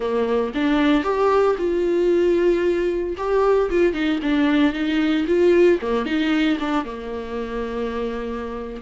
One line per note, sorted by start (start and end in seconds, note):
0.00 0.52 A#3
0.54 1.03 D4
1.03 1.56 G4
1.58 3.16 F4
3.17 3.69 G4
3.70 3.93 F4
3.93 4.19 D#4
4.22 4.73 D4
4.73 5.25 D#4
5.27 5.79 F4
5.81 6.05 A#3
6.05 6.58 D#4
6.59 6.84 D4
6.84 8.82 A#3